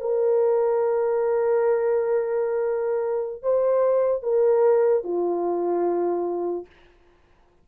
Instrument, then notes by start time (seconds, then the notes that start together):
horn
0.00 A#4
3.42 C5
4.22 A#4
5.03 F4